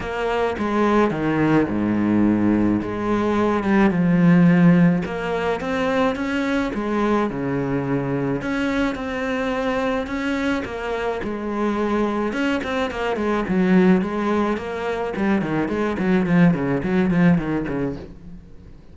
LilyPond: \new Staff \with { instrumentName = "cello" } { \time 4/4 \tempo 4 = 107 ais4 gis4 dis4 gis,4~ | gis,4 gis4. g8 f4~ | f4 ais4 c'4 cis'4 | gis4 cis2 cis'4 |
c'2 cis'4 ais4 | gis2 cis'8 c'8 ais8 gis8 | fis4 gis4 ais4 g8 dis8 | gis8 fis8 f8 cis8 fis8 f8 dis8 cis8 | }